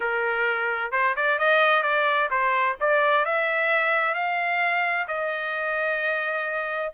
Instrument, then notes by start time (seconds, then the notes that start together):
trumpet
0.00 A#4
0.91 C5
1.16 D5
1.38 D#5
1.83 D5
2.30 C5
2.80 D5
3.25 E5
4.14 F5
5.07 D#5